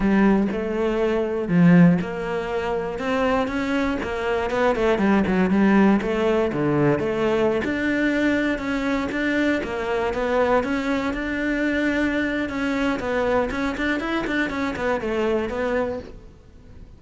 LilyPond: \new Staff \with { instrumentName = "cello" } { \time 4/4 \tempo 4 = 120 g4 a2 f4 | ais2 c'4 cis'4 | ais4 b8 a8 g8 fis8 g4 | a4 d4 a4~ a16 d'8.~ |
d'4~ d'16 cis'4 d'4 ais8.~ | ais16 b4 cis'4 d'4.~ d'16~ | d'4 cis'4 b4 cis'8 d'8 | e'8 d'8 cis'8 b8 a4 b4 | }